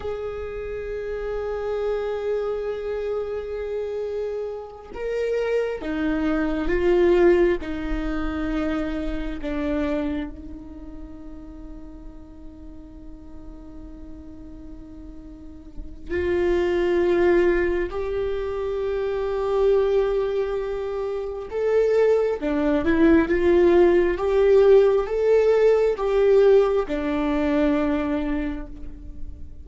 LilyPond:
\new Staff \with { instrumentName = "viola" } { \time 4/4 \tempo 4 = 67 gis'1~ | gis'4. ais'4 dis'4 f'8~ | f'8 dis'2 d'4 dis'8~ | dis'1~ |
dis'2 f'2 | g'1 | a'4 d'8 e'8 f'4 g'4 | a'4 g'4 d'2 | }